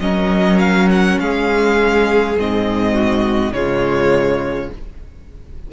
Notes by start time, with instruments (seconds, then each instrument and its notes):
0.00 cello F#3, viola C#4, violin A#4 D#5
0.59 violin F5
0.91 violin F#5
1.19 cello G#3, violin G#4 F5
2.37 cello G#2, viola C4, violin D#5
2.93 violin F#4
3.51 cello C#3, viola G#3, violin F4 C#5